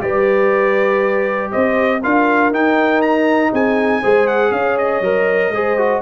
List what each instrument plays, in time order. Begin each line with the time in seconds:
0.00 tuba G3, trombone G4, horn B4, trumpet D5
1.52 tuba C4, horn C5, trumpet D#5
2.03 tuba D4, trombone F4, horn A#4, trumpet F5
2.51 tuba D#4, trombone D#4, trumpet G5
3.02 trumpet A#5
3.52 tuba C4, horn G#4, trumpet G#5
4.01 tuba G#3, trombone G#4, horn C5
4.28 trumpet F#5
4.52 tuba C#4, horn C#5, trumpet F5
4.78 trumpet D#5
5.01 tuba F#3, trombone A#4
5.50 tuba G#3, trombone G#4, horn C5
5.78 trombone F#4